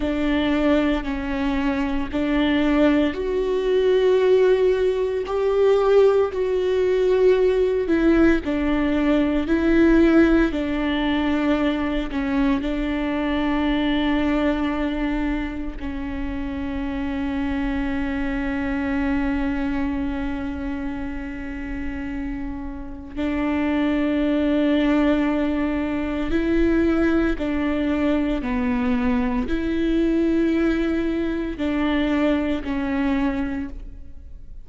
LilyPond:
\new Staff \with { instrumentName = "viola" } { \time 4/4 \tempo 4 = 57 d'4 cis'4 d'4 fis'4~ | fis'4 g'4 fis'4. e'8 | d'4 e'4 d'4. cis'8 | d'2. cis'4~ |
cis'1~ | cis'2 d'2~ | d'4 e'4 d'4 b4 | e'2 d'4 cis'4 | }